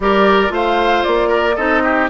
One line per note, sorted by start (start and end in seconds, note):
0.00 0.50 G3
0.00 0.49 G4
0.00 0.53 A#4
0.00 0.54 D5
0.49 1.02 A3
0.49 1.53 F4
0.49 1.28 C5
0.49 1.03 F5
1.03 1.57 A#3
1.03 1.55 D5
1.28 1.55 A#4
1.55 2.10 C4
1.55 2.10 D#4
1.55 1.82 A4
1.55 2.08 D#5
1.83 2.09 G4